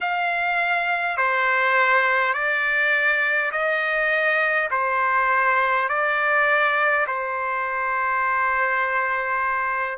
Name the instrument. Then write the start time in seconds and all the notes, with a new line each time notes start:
trumpet
0.00 F5
1.17 C5
2.33 D5
3.51 D#5
4.71 C5
5.88 D5
7.06 C5